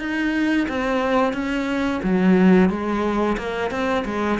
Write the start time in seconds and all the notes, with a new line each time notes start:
0.00 D#4
0.69 C4
1.34 C#4
2.03 F#3
2.70 G#3
3.38 A#3
3.71 C4
4.05 G#3